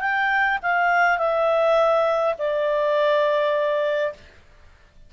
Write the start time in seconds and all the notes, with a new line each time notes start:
0.00 G5
0.62 F5
1.18 E5
2.38 D5